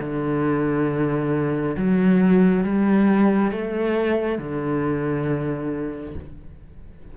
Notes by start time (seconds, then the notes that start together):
0.00 D3
1.77 F#3
2.64 G3
3.52 A3
4.39 D3